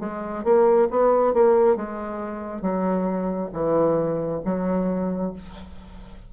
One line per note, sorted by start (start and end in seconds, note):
0.00 0.44 G#3
0.45 0.89 A#3
0.91 1.34 B3
1.34 1.76 A#3
1.76 2.62 G#3
2.62 3.50 F#3
3.53 4.42 E3
4.45 5.33 F#3